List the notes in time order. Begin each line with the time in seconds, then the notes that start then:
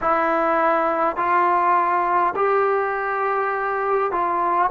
0.01 E4
1.16 F4
2.35 G4
4.11 F4